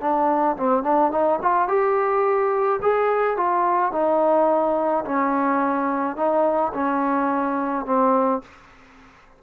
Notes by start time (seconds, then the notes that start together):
0.00 D4
0.56 C4
0.83 D4
1.11 D#4
1.42 F4
1.67 G4
2.82 G#4
3.36 F4
3.92 D#4
5.04 C#4
6.16 D#4
6.73 C#4
7.85 C4